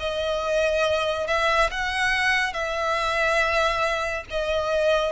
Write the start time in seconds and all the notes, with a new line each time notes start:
0.00 D#5
1.27 E5
1.71 F#5
2.54 E5
4.31 D#5